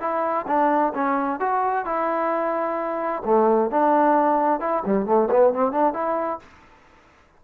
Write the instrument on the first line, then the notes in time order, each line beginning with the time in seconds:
trombone
0.00 E4
0.47 D4
0.94 C#4
1.40 F#4
1.85 E4
3.25 A3
3.71 D4
4.60 E4
4.86 G3
5.06 A3
5.31 B3
5.54 C4
5.72 D4
5.94 E4